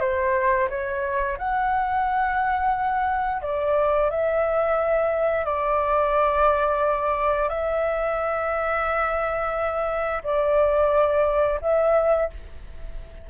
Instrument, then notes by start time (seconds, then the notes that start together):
flute
0.00 C5
0.69 C#5
1.38 F#5
3.42 D5
4.10 E5
5.45 D5
7.49 E5
10.23 D5
11.62 E5